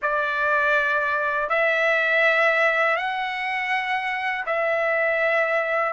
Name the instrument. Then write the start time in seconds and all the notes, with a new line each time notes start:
trumpet
0.02 D5
1.48 E5
2.96 F#5
4.45 E5